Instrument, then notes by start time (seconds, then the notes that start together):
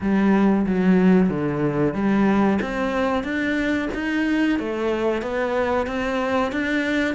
cello
0.01 G3
0.66 F#3
1.29 D3
1.94 G3
2.61 C4
3.23 D4
3.93 D#4
4.59 A3
5.22 B3
5.86 C4
6.52 D4